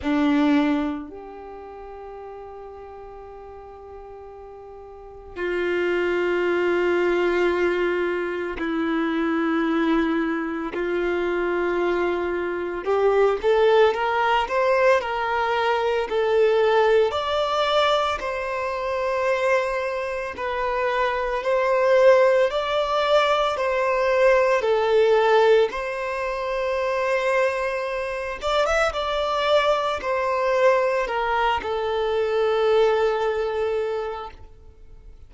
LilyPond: \new Staff \with { instrumentName = "violin" } { \time 4/4 \tempo 4 = 56 d'4 g'2.~ | g'4 f'2. | e'2 f'2 | g'8 a'8 ais'8 c''8 ais'4 a'4 |
d''4 c''2 b'4 | c''4 d''4 c''4 a'4 | c''2~ c''8 d''16 e''16 d''4 | c''4 ais'8 a'2~ a'8 | }